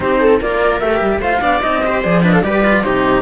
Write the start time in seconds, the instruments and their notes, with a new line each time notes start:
0.00 cello C4 D#4, viola G4, flute C5
0.19 viola A4
0.40 cello A#3 F4, viola A#4, flute D5
0.79 cello A3 G4, flute E5
1.01 cello G3
1.18 cello A3 F4, viola C5, flute F5
1.41 cello B3 D4, viola D5
1.61 cello C4 D#4, flute D#5
1.84 cello G4, viola C5
2.02 cello F3 G#4, flute D5
2.23 cello D4, viola B4, flute D#5
2.32 viola A4, flute F5
2.42 cello G3 G4, viola B4, flute D5
2.63 cello F4
2.83 cello C3 D#4, viola G4, flute C5